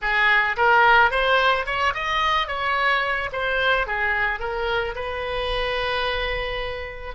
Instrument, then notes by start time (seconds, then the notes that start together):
oboe
0.01 G#4
0.57 A#4
1.10 C5
1.65 C#5
1.94 D#5
2.47 C#5
3.32 C5
3.87 G#4
4.39 A#4
4.95 B4